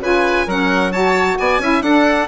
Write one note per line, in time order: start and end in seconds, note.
0.00 0.46 C#3
0.00 0.48 F4
0.00 0.47 B4
0.00 0.50 G#5
0.47 1.39 F#3
0.47 0.93 C#4
0.47 0.92 A#4
0.47 0.92 F#5
0.92 1.61 F#4
0.92 1.38 C#5
0.92 1.38 A5
1.38 1.59 B3
1.38 1.62 D5
1.38 1.82 G#5
1.59 1.82 C#4
1.59 1.84 E4
1.59 1.84 E5
1.82 2.27 D4
1.82 2.28 D4
1.82 2.28 A4
1.82 2.28 F#5